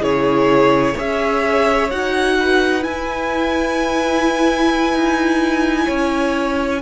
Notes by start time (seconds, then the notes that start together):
0.00 C#3 E4 G#4 C#5
0.94 C#4 G#4 C#5 E5
1.90 D#4 F#4 F#5
2.39 B4
2.81 E4 G#5
4.93 D#4
5.85 C#4 C#5